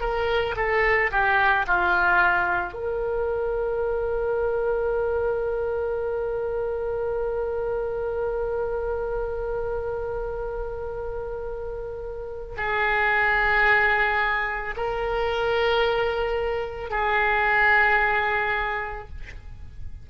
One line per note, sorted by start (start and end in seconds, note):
0.00 0.55 A#4
0.56 1.11 A4
1.11 1.66 G4
1.67 2.73 F4
2.73 12.55 A#4
12.57 14.75 G#4
14.76 16.90 A#4
16.90 19.08 G#4